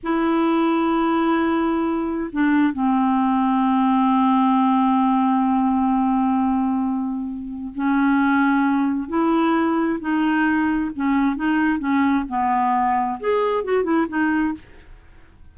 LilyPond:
\new Staff \with { instrumentName = "clarinet" } { \time 4/4 \tempo 4 = 132 e'1~ | e'4 d'4 c'2~ | c'1~ | c'1~ |
c'4 cis'2. | e'2 dis'2 | cis'4 dis'4 cis'4 b4~ | b4 gis'4 fis'8 e'8 dis'4 | }